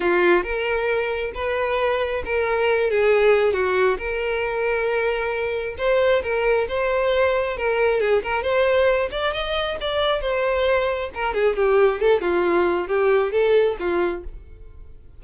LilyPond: \new Staff \with { instrumentName = "violin" } { \time 4/4 \tempo 4 = 135 f'4 ais'2 b'4~ | b'4 ais'4. gis'4. | fis'4 ais'2.~ | ais'4 c''4 ais'4 c''4~ |
c''4 ais'4 gis'8 ais'8 c''4~ | c''8 d''8 dis''4 d''4 c''4~ | c''4 ais'8 gis'8 g'4 a'8 f'8~ | f'4 g'4 a'4 f'4 | }